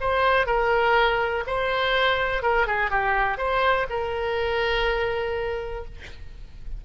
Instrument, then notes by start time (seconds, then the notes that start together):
oboe
0.00 C5
0.46 A#4
1.47 C5
2.42 A#4
2.67 G#4
2.90 G4
3.37 C5
3.89 A#4